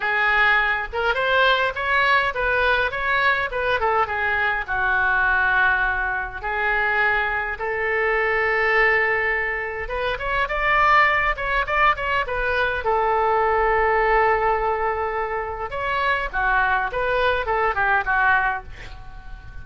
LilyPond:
\new Staff \with { instrumentName = "oboe" } { \time 4/4 \tempo 4 = 103 gis'4. ais'8 c''4 cis''4 | b'4 cis''4 b'8 a'8 gis'4 | fis'2. gis'4~ | gis'4 a'2.~ |
a'4 b'8 cis''8 d''4. cis''8 | d''8 cis''8 b'4 a'2~ | a'2. cis''4 | fis'4 b'4 a'8 g'8 fis'4 | }